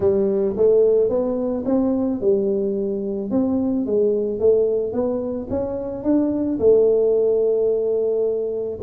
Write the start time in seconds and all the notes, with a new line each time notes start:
0.00 G3
0.57 A3
1.09 B3
1.65 C4
2.20 G3
3.31 C4
3.85 G#3
4.39 A3
4.92 B3
5.49 C#4
6.03 D4
6.59 A3